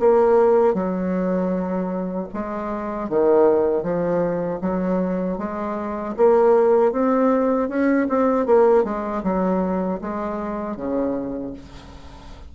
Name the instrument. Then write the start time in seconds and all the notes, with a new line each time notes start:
bassoon
0.00 A#3
0.74 F#3
2.34 G#3
3.10 D#3
3.83 F3
4.62 F#3
5.38 G#3
6.17 A#3
6.92 C4
7.69 C#4
8.09 C4
8.46 A#3
8.84 G#3
9.23 F#3
10.01 G#3
10.77 C#3